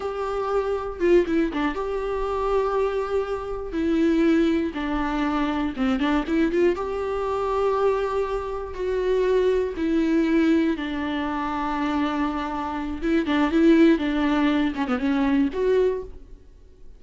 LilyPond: \new Staff \with { instrumentName = "viola" } { \time 4/4 \tempo 4 = 120 g'2 f'8 e'8 d'8 g'8~ | g'2.~ g'8 e'8~ | e'4. d'2 c'8 | d'8 e'8 f'8 g'2~ g'8~ |
g'4. fis'2 e'8~ | e'4. d'2~ d'8~ | d'2 e'8 d'8 e'4 | d'4. cis'16 b16 cis'4 fis'4 | }